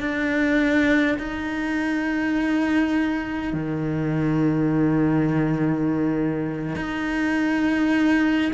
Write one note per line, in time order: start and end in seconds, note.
0.00 1.18 D4
1.18 3.53 D#4
3.53 6.75 D#3
6.75 8.52 D#4